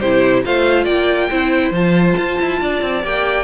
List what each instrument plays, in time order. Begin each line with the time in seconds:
0.00 cello C3, viola E4, violin G4 C5
0.45 cello A3, viola F4, violin C5 F5
0.84 cello A#3, violin D5 G5
1.30 cello C4, viola E4, violin C5
1.71 cello F3, viola F4, violin A5
2.17 cello F4
2.41 cello E4
2.61 cello D4, violin D5
2.82 cello C4
3.04 cello A#3, viola G4, violin G5